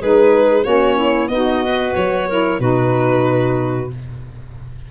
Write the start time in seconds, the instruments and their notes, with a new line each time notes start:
0.00 tuba G#3, saxophone D#4, clarinet G#4, violin B4
0.64 tuba A#3, saxophone C#4, clarinet F#4, violin C#5
0.96 clarinet E4
1.28 tuba B3, clarinet D#4, saxophone F#4, violin D#5
1.64 clarinet B4
1.95 tuba F#3, violin C#5
2.29 saxophone E4, clarinet A#4
2.60 tuba B2, saxophone D#4, clarinet F#4, violin B4